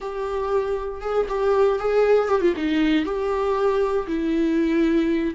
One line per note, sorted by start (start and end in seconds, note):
0.00 1.01 G4
1.01 1.26 G#4
1.28 1.79 G4
1.79 2.28 G#4
2.28 2.41 G4
2.41 2.54 F4
2.56 3.05 D#4
3.05 4.06 G4
4.07 5.34 E4